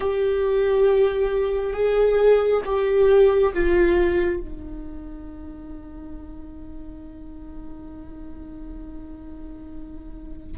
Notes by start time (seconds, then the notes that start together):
0.00 G4
1.73 G#4
2.65 G4
3.53 F4
4.40 D#4